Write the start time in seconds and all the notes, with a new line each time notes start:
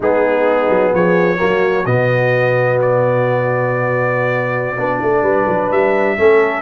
0.00 G#3 B3 D#4 G#4
0.69 F#3
0.93 F3 G#4 C#5
1.37 F#3 A#3 F#4
1.85 B2 B3 D#5
2.81 D5
4.77 B3 D4
5.01 A3
5.22 G3 B4
5.47 F#3
5.71 G3 E5
6.17 A3 C#4 A4